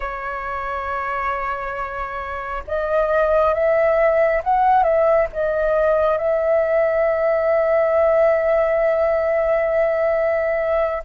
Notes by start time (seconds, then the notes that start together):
0.00 C#5
2.67 D#5
3.53 E5
4.44 F#5
4.83 E5
5.32 D#5
6.17 E5